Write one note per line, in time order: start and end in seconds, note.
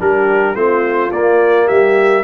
0.00 0.55 G3
0.00 0.55 D4
0.00 0.56 G4
0.00 0.56 A#4
0.55 1.11 A3
0.55 1.11 C4
0.55 1.66 F4
0.55 1.12 C5
1.12 2.24 A#3
1.12 1.69 A#3
1.12 1.68 D5
1.66 2.24 G3
1.66 2.22 G4
1.66 2.24 E5